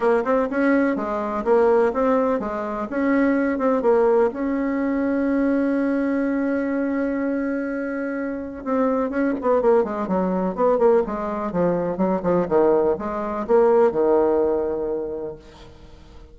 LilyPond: \new Staff \with { instrumentName = "bassoon" } { \time 4/4 \tempo 4 = 125 ais8 c'8 cis'4 gis4 ais4 | c'4 gis4 cis'4. c'8 | ais4 cis'2.~ | cis'1~ |
cis'2 c'4 cis'8 b8 | ais8 gis8 fis4 b8 ais8 gis4 | f4 fis8 f8 dis4 gis4 | ais4 dis2. | }